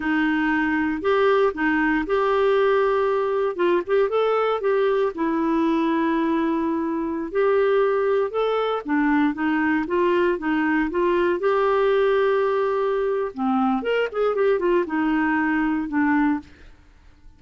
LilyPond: \new Staff \with { instrumentName = "clarinet" } { \time 4/4 \tempo 4 = 117 dis'2 g'4 dis'4 | g'2. f'8 g'8 | a'4 g'4 e'2~ | e'2~ e'16 g'4.~ g'16~ |
g'16 a'4 d'4 dis'4 f'8.~ | f'16 dis'4 f'4 g'4.~ g'16~ | g'2 c'4 ais'8 gis'8 | g'8 f'8 dis'2 d'4 | }